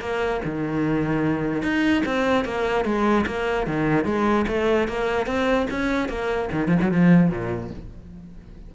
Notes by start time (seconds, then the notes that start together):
0.00 A#3
0.45 D#3
1.62 D#4
2.06 C4
2.45 A#3
2.85 G#3
3.26 A#3
3.67 D#3
4.05 G#3
4.47 A3
4.88 A#3
5.26 C4
5.70 C#4
6.08 A#3
6.52 D#3
6.67 F3
6.81 F#3
6.91 F3
7.30 A#2